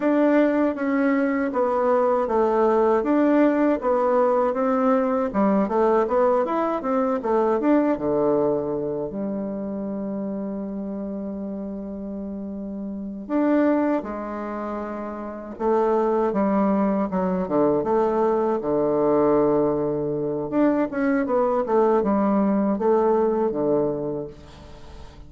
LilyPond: \new Staff \with { instrumentName = "bassoon" } { \time 4/4 \tempo 4 = 79 d'4 cis'4 b4 a4 | d'4 b4 c'4 g8 a8 | b8 e'8 c'8 a8 d'8 d4. | g1~ |
g4. d'4 gis4.~ | gis8 a4 g4 fis8 d8 a8~ | a8 d2~ d8 d'8 cis'8 | b8 a8 g4 a4 d4 | }